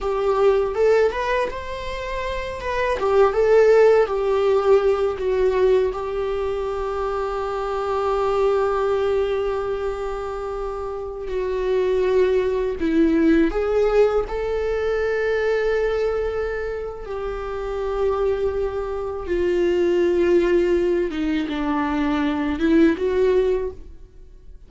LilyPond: \new Staff \with { instrumentName = "viola" } { \time 4/4 \tempo 4 = 81 g'4 a'8 b'8 c''4. b'8 | g'8 a'4 g'4. fis'4 | g'1~ | g'2.~ g'16 fis'8.~ |
fis'4~ fis'16 e'4 gis'4 a'8.~ | a'2. g'4~ | g'2 f'2~ | f'8 dis'8 d'4. e'8 fis'4 | }